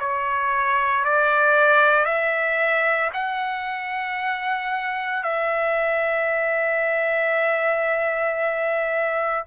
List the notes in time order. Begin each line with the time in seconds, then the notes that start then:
0.00 C#5
1.05 D5
2.05 E5
3.14 F#5
5.23 E5